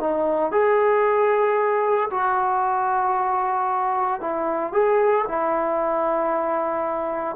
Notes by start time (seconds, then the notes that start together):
0.00 D#4
0.52 G#4
2.11 F#4
4.21 E4
4.72 G#4
5.28 E4